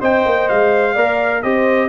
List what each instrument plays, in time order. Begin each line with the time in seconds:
0.00 tuba C4, trombone C5, horn D#5, trumpet G5
0.26 tuba A#3
0.49 tuba G#3, trumpet F5
0.94 tuba A#3, trombone A#4, horn D5
1.43 tuba C4, trombone G4, horn C5, trumpet D#5